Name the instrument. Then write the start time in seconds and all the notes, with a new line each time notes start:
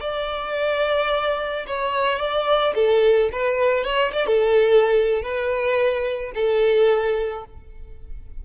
violin
0.00 D5
1.67 C#5
2.19 D5
2.75 A4
3.32 B4
3.84 C#5
4.12 D5
4.26 A4
5.22 B4
6.34 A4